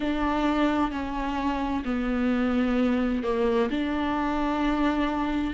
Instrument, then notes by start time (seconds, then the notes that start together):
viola
0.00 D4
0.91 C#4
1.84 B3
3.23 A#3
3.70 D4